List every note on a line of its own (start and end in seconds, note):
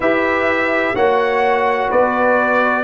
0.00 0.94 E4
0.00 0.95 G4
0.00 0.94 B4
0.00 0.95 E5
0.94 1.90 A#3
0.94 2.84 F#4
0.94 1.89 C#5
0.94 1.90 F#5
1.90 2.84 B3
1.90 2.84 B4
1.90 2.84 D5